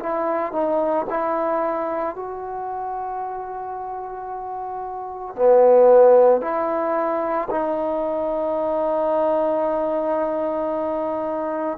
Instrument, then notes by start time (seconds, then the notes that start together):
trombone
0.00 E4
0.53 D#4
1.10 E4
2.16 F#4
5.36 B3
6.41 E4
7.51 D#4